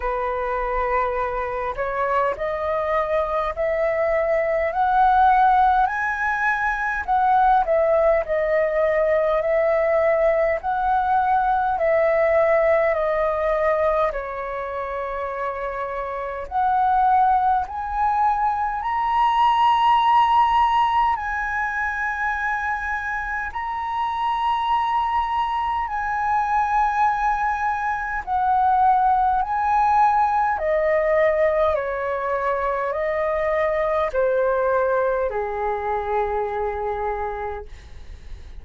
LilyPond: \new Staff \with { instrumentName = "flute" } { \time 4/4 \tempo 4 = 51 b'4. cis''8 dis''4 e''4 | fis''4 gis''4 fis''8 e''8 dis''4 | e''4 fis''4 e''4 dis''4 | cis''2 fis''4 gis''4 |
ais''2 gis''2 | ais''2 gis''2 | fis''4 gis''4 dis''4 cis''4 | dis''4 c''4 gis'2 | }